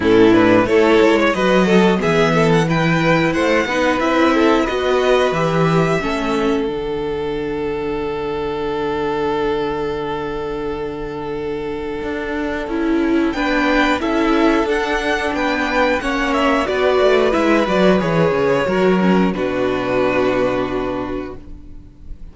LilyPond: <<
  \new Staff \with { instrumentName = "violin" } { \time 4/4 \tempo 4 = 90 a'8 b'8 cis''4 dis''4 e''8. fis''16 | g''4 fis''4 e''4 dis''4 | e''2 fis''2~ | fis''1~ |
fis''1 | g''4 e''4 fis''4 g''4 | fis''8 e''8 d''4 e''8 d''8 cis''4~ | cis''4 b'2. | }
  \new Staff \with { instrumentName = "violin" } { \time 4/4 e'4 a'8. cis''16 b'8 a'8 gis'8 a'8 | b'4 c''8 b'4 a'8 b'4~ | b'4 a'2.~ | a'1~ |
a'1 | b'4 a'2 b'4 | cis''4 b'2. | ais'4 fis'2. | }
  \new Staff \with { instrumentName = "viola" } { \time 4/4 cis'8 d'8 e'4 fis'4 b4 | e'4. dis'8 e'4 fis'4 | g'4 cis'4 d'2~ | d'1~ |
d'2. e'4 | d'4 e'4 d'2 | cis'4 fis'4 e'8 fis'8 gis'4 | fis'8 cis'8 d'2. | }
  \new Staff \with { instrumentName = "cello" } { \time 4/4 a,4 a8 gis8 fis4 e4~ | e4 a8 b8 c'4 b4 | e4 a4 d2~ | d1~ |
d2 d'4 cis'4 | b4 cis'4 d'4 b4 | ais4 b8 a8 gis8 fis8 e8 cis8 | fis4 b,2. | }
>>